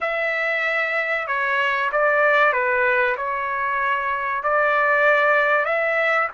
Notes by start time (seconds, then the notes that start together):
0.01 E5
1.27 C#5
1.91 D5
2.52 B4
3.16 C#5
4.43 D5
5.65 E5